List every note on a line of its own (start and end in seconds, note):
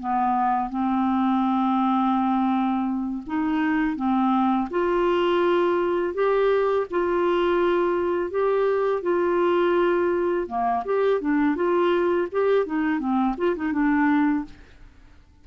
0.00 0.70 B3
0.70 3.23 C4
3.27 3.96 D#4
3.96 4.69 C4
4.71 6.14 F4
6.14 6.87 G4
6.91 8.31 F4
8.31 9.03 G4
9.03 10.48 F4
10.48 10.84 A#3
10.85 11.21 G4
11.21 11.56 D4
11.56 12.28 F4
12.32 12.66 G4
12.66 13.00 D#4
13.00 13.36 C4
13.38 13.56 F4
13.56 13.73 D#4
13.73 14.45 D4